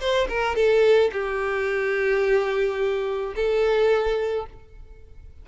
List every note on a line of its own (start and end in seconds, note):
0.00 0.28 C5
0.29 0.56 A#4
0.56 1.11 A4
1.12 3.35 G4
3.35 4.46 A4